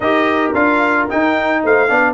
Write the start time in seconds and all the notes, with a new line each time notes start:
0.00 D#4 G4 A#4 D#5
0.54 D4 F4 F5
1.09 D#4 G5
1.64 A3 C5 F5
1.88 B3 D4 D5